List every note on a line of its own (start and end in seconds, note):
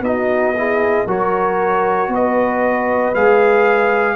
0.00 1.03 B3
0.00 0.54 D#4
0.00 0.56 F#4
0.00 1.07 D#5
0.56 1.07 E4
0.56 1.06 G#4
1.06 2.08 F#3
1.06 3.14 F#4
1.06 2.10 A#4
1.06 2.14 C#5
2.08 3.11 B3
2.08 4.16 B4
2.14 3.14 D#5
3.14 4.16 G#3
3.14 4.16 G#4
3.14 4.16 F5